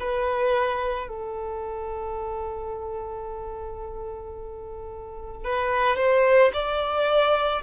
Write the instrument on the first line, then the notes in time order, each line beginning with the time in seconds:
violin
0.00 B4
1.09 A4
5.44 B4
5.97 C5
6.54 D5